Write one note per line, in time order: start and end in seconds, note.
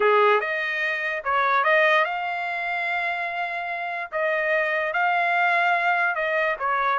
0.00 0.40 G#4
0.40 1.22 D#5
1.23 1.64 C#5
1.64 2.05 D#5
2.05 4.10 F5
4.11 4.93 D#5
4.93 6.15 F5
6.15 6.56 D#5
6.59 6.99 C#5